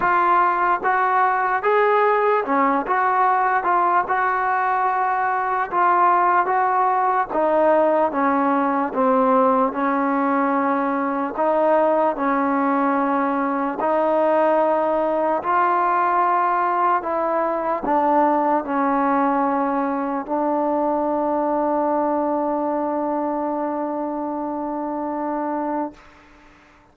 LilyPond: \new Staff \with { instrumentName = "trombone" } { \time 4/4 \tempo 4 = 74 f'4 fis'4 gis'4 cis'8 fis'8~ | fis'8 f'8 fis'2 f'4 | fis'4 dis'4 cis'4 c'4 | cis'2 dis'4 cis'4~ |
cis'4 dis'2 f'4~ | f'4 e'4 d'4 cis'4~ | cis'4 d'2.~ | d'1 | }